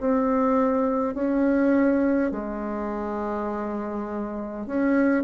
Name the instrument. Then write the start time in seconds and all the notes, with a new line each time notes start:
bassoon
0.00 C4
1.14 C#4
2.32 G#3
4.66 C#4